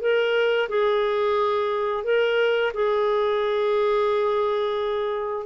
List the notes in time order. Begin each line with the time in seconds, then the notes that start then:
0.00 A#4
0.68 G#4
2.03 A#4
2.73 G#4